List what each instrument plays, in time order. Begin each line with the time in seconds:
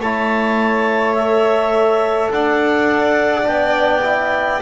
0.00 double bass A3, trombone E4, violin C#5, clarinet A5
1.15 trombone A4, clarinet E5
2.31 double bass D4, violin D5, clarinet F#5
3.44 double bass B3, trombone D4, clarinet G5
4.04 trombone E4